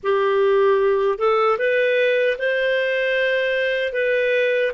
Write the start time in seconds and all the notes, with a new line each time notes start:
0.03 G4
1.18 A4
1.58 B4
2.38 C5
3.93 B4